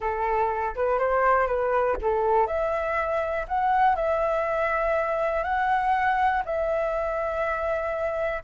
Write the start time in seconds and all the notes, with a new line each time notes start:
0.00 A4
0.75 B4
0.98 C5
1.46 B4
2.01 A4
2.46 E5
3.48 F#5
3.95 E5
5.43 F#5
6.45 E5